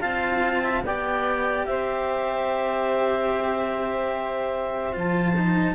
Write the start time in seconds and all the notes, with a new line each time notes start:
0.00 C4 F4 F5 A5
0.63 E5
0.84 B3 G4 D5 G5
1.66 C4 C5 E5
4.93 F3 F4 A5
5.36 D#4